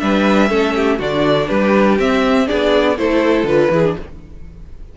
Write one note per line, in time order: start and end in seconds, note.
0.00 0.50 G3
0.00 0.49 D4
0.00 0.50 B4
0.00 0.99 E5
0.49 1.00 A3
0.49 0.99 C#4
0.49 0.75 A4
0.76 0.98 G4
0.98 1.50 D3
0.98 2.00 D4
0.98 1.48 F#4
0.98 1.49 D5
1.49 1.99 G3
1.49 2.47 G4
1.49 1.98 B4
1.99 2.49 C4
1.99 2.47 C4
1.99 2.48 E5
2.47 2.98 B3
2.47 2.96 D4
2.47 2.97 G#4
2.47 2.98 D5
2.98 3.44 A3
2.98 3.47 E4
2.98 3.73 A4
2.98 3.47 C5
3.44 3.69 D3
3.44 3.72 F4
3.44 3.97 B4
3.71 3.96 E3
3.71 3.85 E4
3.71 3.98 G#4
3.85 3.97 D4